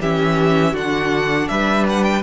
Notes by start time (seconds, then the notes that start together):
0.00 E3 C#4 G4 E5
0.72 D3 D4 F#4 F#5
1.48 G3 B4 E5
1.89 F#5
2.04 G5